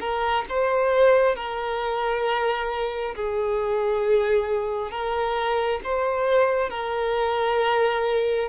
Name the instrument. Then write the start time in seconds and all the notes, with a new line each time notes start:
violin
0.00 A#4
0.49 C5
1.36 A#4
3.15 G#4
4.91 A#4
5.84 C5
6.70 A#4